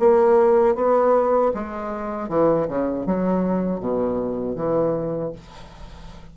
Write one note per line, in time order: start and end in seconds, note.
0.00 0.76 A#3
0.76 1.52 B3
1.54 2.29 G#3
2.29 2.67 E3
2.69 3.06 C#3
3.06 3.80 F#3
3.80 4.56 B2
4.56 5.33 E3